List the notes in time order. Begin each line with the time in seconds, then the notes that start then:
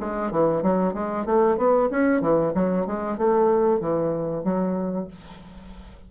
0.00 G#3
0.31 E3
0.62 F#3
0.93 G#3
1.26 A3
1.57 B3
1.91 C#4
2.21 E3
2.54 F#3
2.86 G#3
3.17 A3
3.80 E3
4.44 F#3